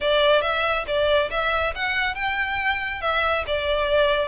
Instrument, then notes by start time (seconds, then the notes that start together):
violin
0.00 D5
0.41 E5
0.87 D5
1.30 E5
1.75 F#5
2.15 G5
3.01 E5
3.46 D5